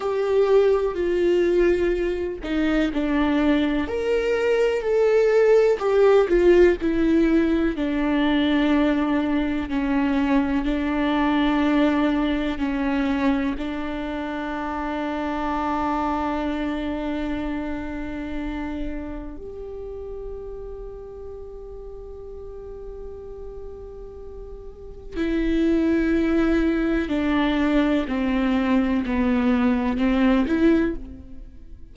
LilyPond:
\new Staff \with { instrumentName = "viola" } { \time 4/4 \tempo 4 = 62 g'4 f'4. dis'8 d'4 | ais'4 a'4 g'8 f'8 e'4 | d'2 cis'4 d'4~ | d'4 cis'4 d'2~ |
d'1 | g'1~ | g'2 e'2 | d'4 c'4 b4 c'8 e'8 | }